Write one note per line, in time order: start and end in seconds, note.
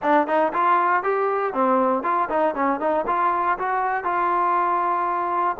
0.02 0.27 D4
0.27 0.52 D#4
0.53 1.03 F4
1.03 1.53 G4
1.53 2.03 C4
2.03 2.28 F4
2.29 2.54 D#4
2.54 2.80 C#4
2.80 3.05 D#4
3.06 3.57 F4
3.58 4.04 F#4
4.04 5.56 F4